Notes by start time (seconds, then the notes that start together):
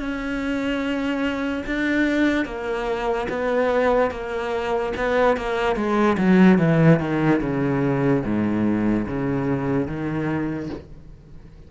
0.00 C#4
1.67 D4
2.45 A#3
3.29 B3
4.11 A#3
4.97 B3
5.37 A#3
5.76 G#3
6.18 F#3
6.59 E3
7.00 D#3
7.41 C#3
8.25 G#2
9.08 C#3
9.87 D#3